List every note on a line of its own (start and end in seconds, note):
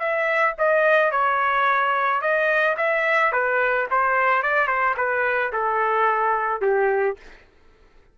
0.00 0.55 E5
0.59 1.12 D#5
1.12 2.22 C#5
2.22 2.77 D#5
2.77 3.33 E5
3.33 3.88 B4
3.91 4.43 C5
4.43 4.68 D5
4.68 4.95 C5
4.97 5.52 B4
5.53 6.62 A4
6.62 7.17 G4